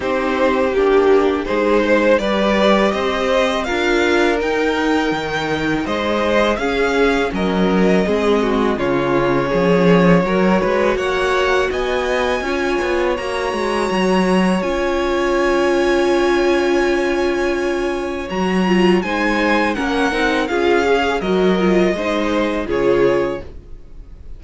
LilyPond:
<<
  \new Staff \with { instrumentName = "violin" } { \time 4/4 \tempo 4 = 82 c''4 g'4 c''4 d''4 | dis''4 f''4 g''2 | dis''4 f''4 dis''2 | cis''2. fis''4 |
gis''2 ais''2 | gis''1~ | gis''4 ais''4 gis''4 fis''4 | f''4 dis''2 cis''4 | }
  \new Staff \with { instrumentName = "violin" } { \time 4/4 g'2 gis'8 c''8 b'4 | c''4 ais'2. | c''4 gis'4 ais'4 gis'8 fis'8 | f'4 gis'4 ais'8 b'8 cis''4 |
dis''4 cis''2.~ | cis''1~ | cis''2 c''4 ais'4 | gis'4 ais'4 c''4 gis'4 | }
  \new Staff \with { instrumentName = "viola" } { \time 4/4 dis'4 d'4 dis'4 g'4~ | g'4 f'4 dis'2~ | dis'4 cis'2 c'4 | cis'2 fis'2~ |
fis'4 f'4 fis'2 | f'1~ | f'4 fis'8 f'8 dis'4 cis'8 dis'8 | f'8 gis'8 fis'8 f'8 dis'4 f'4 | }
  \new Staff \with { instrumentName = "cello" } { \time 4/4 c'4 ais4 gis4 g4 | c'4 d'4 dis'4 dis4 | gis4 cis'4 fis4 gis4 | cis4 f4 fis8 gis8 ais4 |
b4 cis'8 b8 ais8 gis8 fis4 | cis'1~ | cis'4 fis4 gis4 ais8 c'8 | cis'4 fis4 gis4 cis4 | }
>>